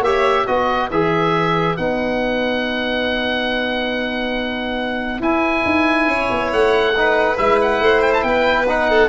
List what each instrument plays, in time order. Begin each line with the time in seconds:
0.00 tuba A#3, trombone G4, violin C#5, oboe E5
0.46 tuba B3, trombone F#4, violin B4, oboe D#5
0.90 tuba E3, trombone G#4, oboe E5
1.76 tuba B3, trombone D#4, oboe F#5
5.20 tuba E4, trombone E4, oboe G#5
5.65 tuba D#4
6.07 tuba C#4, violin C#5
6.30 tuba B3
6.51 tuba A3, oboe F#5
6.97 trombone D#4, violin B4
7.37 tuba G#3, trombone E4, oboe E5
7.61 oboe F#5
7.79 tuba A3, violin C5
8.01 oboe G5
8.13 oboe A5
8.22 tuba B3, violin B4, oboe G5
8.68 trombone D#4, oboe F#5
8.89 violin A4